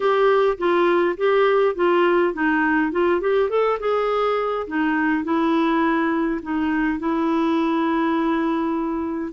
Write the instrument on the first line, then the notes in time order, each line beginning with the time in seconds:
clarinet
0.00 G4
0.57 F4
1.17 G4
1.75 F4
2.33 D#4
2.91 F4
3.20 G4
3.49 A4
3.79 G#4
4.67 D#4
5.23 E4
6.42 D#4
6.99 E4